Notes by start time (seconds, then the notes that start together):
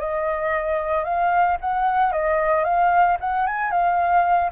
0.00 D#5
1.05 F5
1.61 F#5
2.13 D#5
2.65 F5
3.21 F#5
3.47 G#5
3.71 F5